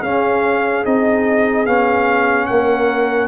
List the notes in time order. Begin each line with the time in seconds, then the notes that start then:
0.00 C#4 G#4 F5
0.85 C4 D#4 D#5
1.66 B3 C#4 F5
2.46 A#3 A#4 F#5